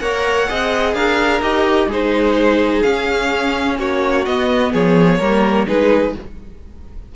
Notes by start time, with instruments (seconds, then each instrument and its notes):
0.00 cello A#3, viola A#4, violin C#5 F#5
0.48 cello C4, viola G#4, violin D#5
0.94 cello D4, violin A#4 F5
1.41 cello D#4, viola G4, violin D#5
1.87 cello G#3, viola D#4, violin G#4 C5
2.82 viola C#4, cello C#4, violin F5
3.79 cello A#3, violin F#4 C#5
4.26 cello B3, viola B3, violin D#5
4.72 cello F3, violin G#4 C#5
5.19 cello G3, viola A#3, violin A#4
5.67 cello G#3, viola D#4, violin G#4 B4